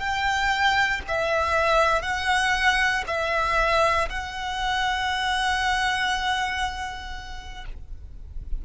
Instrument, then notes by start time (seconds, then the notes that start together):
violin
0.00 G5
1.08 E5
2.02 F#5
3.07 E5
4.10 F#5